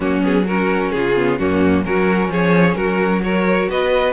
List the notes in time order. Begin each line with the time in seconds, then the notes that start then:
0.00 F#3 A#3 C#4 F#4
0.22 B3 G#4
0.46 C#4 F#4 A#4
0.91 C#3 F4 G#4
1.15 B3
1.37 F#2 A#3 C#4 F#4
1.84 F#3 C#4 F#4 A#4
2.28 F3 G#4 C#5
2.75 F#3 F#4 A#4
3.23 F#4 A#4 C#5
3.69 B3 B4 D#5